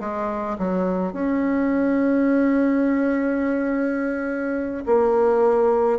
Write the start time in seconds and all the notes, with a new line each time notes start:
0.00 G#3
0.58 F#3
1.13 C#4
4.86 A#3